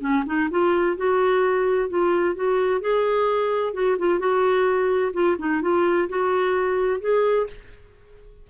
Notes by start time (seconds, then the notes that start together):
0.00 C#4
0.26 D#4
0.50 F4
0.96 F#4
1.89 F4
2.35 F#4
2.81 G#4
3.73 F#4
3.98 F4
4.19 F#4
5.13 F4
5.38 D#4
5.62 F4
6.09 F#4
7.00 G#4